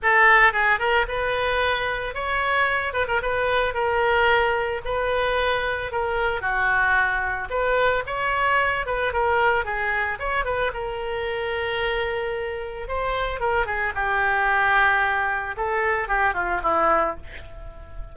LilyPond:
\new Staff \with { instrumentName = "oboe" } { \time 4/4 \tempo 4 = 112 a'4 gis'8 ais'8 b'2 | cis''4. b'16 ais'16 b'4 ais'4~ | ais'4 b'2 ais'4 | fis'2 b'4 cis''4~ |
cis''8 b'8 ais'4 gis'4 cis''8 b'8 | ais'1 | c''4 ais'8 gis'8 g'2~ | g'4 a'4 g'8 f'8 e'4 | }